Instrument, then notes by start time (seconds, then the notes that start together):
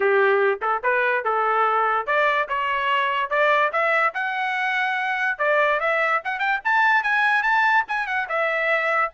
trumpet
0.00 G4
0.61 A4
0.83 B4
1.24 A4
2.06 D5
2.48 C#5
3.30 D5
3.72 E5
4.14 F#5
5.38 D5
5.80 E5
6.24 F#5
6.39 G5
6.64 A5
7.03 G#5
7.42 A5
7.87 G#5
8.06 F#5
8.29 E5